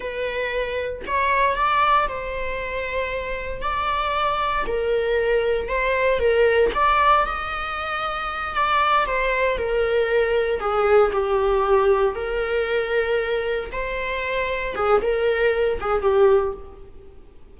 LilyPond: \new Staff \with { instrumentName = "viola" } { \time 4/4 \tempo 4 = 116 b'2 cis''4 d''4 | c''2. d''4~ | d''4 ais'2 c''4 | ais'4 d''4 dis''2~ |
dis''8 d''4 c''4 ais'4.~ | ais'8 gis'4 g'2 ais'8~ | ais'2~ ais'8 c''4.~ | c''8 gis'8 ais'4. gis'8 g'4 | }